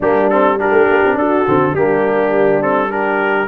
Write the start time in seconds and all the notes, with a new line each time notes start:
0.00 G3 A#3 D4 G4
0.29 C4 A4
0.58 D4 G4 A#4
0.70 A3
0.89 A#3
1.05 C4
1.14 D4 F#4 A4
1.47 D3 C4
1.72 G3 A#3 D4 G4
2.61 C4 A4
2.89 D4 G4 A#4